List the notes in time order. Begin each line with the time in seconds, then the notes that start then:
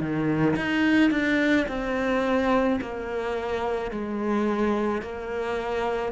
0.00 D#3
0.56 D#4
1.11 D4
1.68 C4
2.81 A#3
3.91 G#3
5.02 A#3